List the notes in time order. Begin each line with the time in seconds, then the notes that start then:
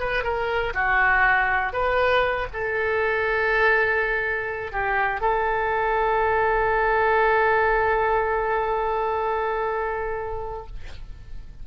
0.00 B4
0.24 A#4
0.74 F#4
1.73 B4
2.54 A4
4.72 G4
5.21 A4